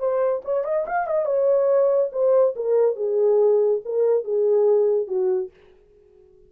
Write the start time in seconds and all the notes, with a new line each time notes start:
0.00 C5
0.45 C#5
0.65 D#5
0.87 F5
1.07 D#5
1.26 C#5
2.13 C5
2.56 A#4
2.96 G#4
3.85 A#4
4.25 G#4
5.08 F#4